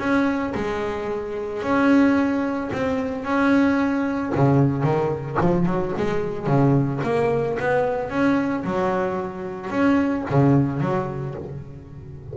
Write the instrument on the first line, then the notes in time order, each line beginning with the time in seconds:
double bass
0.00 C#4
0.55 G#3
1.63 C#4
2.73 C4
3.25 C#4
4.35 C#3
4.84 D#3
5.42 F3
5.66 F#3
5.98 G#3
6.47 C#3
7.04 A#3
7.60 B3
8.10 C#4
8.65 F#3
9.71 C#4
10.31 C#3
10.81 F#3